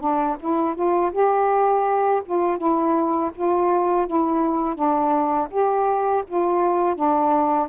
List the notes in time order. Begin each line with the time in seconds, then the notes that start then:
0.00 D4
0.39 E4
0.75 F4
1.12 G4
2.25 F4
2.58 E4
3.35 F4
4.07 E4
4.75 D4
5.50 G4
6.28 F4
6.95 D4